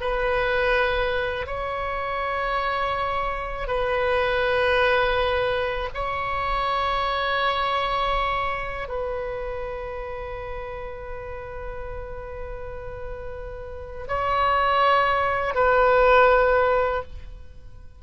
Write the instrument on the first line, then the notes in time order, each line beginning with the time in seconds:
oboe
0.00 B4
1.46 C#5
3.67 B4
5.94 C#5
8.88 B4
14.07 C#5
15.54 B4